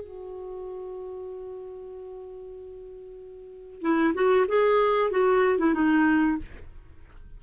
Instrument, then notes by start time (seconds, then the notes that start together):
clarinet
0.00 F#4
3.82 E4
4.14 F#4
4.48 G#4
5.11 F#4
5.59 E4
5.74 D#4